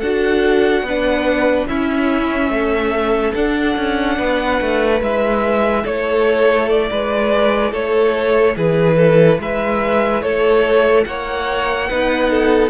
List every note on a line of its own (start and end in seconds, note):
0.00 0.83 D4
0.00 0.86 F#4
0.00 0.83 A4
0.00 1.67 F#5
0.83 1.66 B3
0.83 1.69 D4
0.83 1.69 B4
1.68 3.35 C#4
1.68 2.50 C#4
1.68 2.53 E4
1.68 3.35 E5
2.50 3.33 A3
2.50 4.18 A4
3.35 3.77 D4
3.35 5.03 D4
3.35 5.02 F#5
3.77 4.19 C#4
4.18 4.61 B3
4.18 5.83 B4
4.61 5.01 A3
5.01 5.85 G#3
5.01 11.90 E4
5.01 5.86 E5
5.83 6.91 A3
5.83 6.87 A4
5.83 6.69 C#5
6.69 7.74 D5
6.91 7.73 G#3
6.91 7.72 B4
7.72 8.56 A3
7.72 8.55 A4
7.72 8.57 C#5
8.57 9.40 E3
8.57 8.97 G#4
8.57 9.41 B4
8.97 9.39 A4
9.40 10.23 G#3
9.40 10.24 B4
9.40 10.23 E5
10.23 11.06 A3
10.23 11.07 A4
10.23 11.05 C#5
11.05 11.90 A#3
11.05 11.89 C#5
11.05 12.70 F#5
11.89 12.70 B3
11.89 12.70 D#4
11.89 12.31 B4
12.31 12.70 A4